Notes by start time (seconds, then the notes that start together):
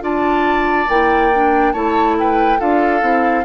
0.00 D4 F4 D5 A5
0.89 A#3 E4 G5
1.33 D4
1.72 A3 E4 C#5 A5
2.19 B4 G5
2.58 D4 F4 A4 F5
3.00 C4 E4